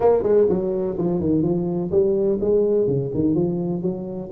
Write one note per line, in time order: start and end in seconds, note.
0.00 0.22 A#3
0.22 0.46 G#3
0.49 0.97 F#3
0.97 1.20 F3
1.20 1.42 D#3
1.42 1.90 F3
1.91 2.39 G3
2.40 2.87 G#3
2.87 3.11 C#3
3.14 3.34 D#3
3.34 3.81 F3
3.81 4.29 F#3